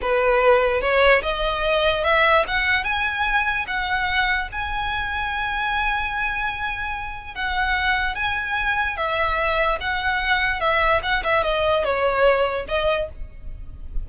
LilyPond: \new Staff \with { instrumentName = "violin" } { \time 4/4 \tempo 4 = 147 b'2 cis''4 dis''4~ | dis''4 e''4 fis''4 gis''4~ | gis''4 fis''2 gis''4~ | gis''1~ |
gis''2 fis''2 | gis''2 e''2 | fis''2 e''4 fis''8 e''8 | dis''4 cis''2 dis''4 | }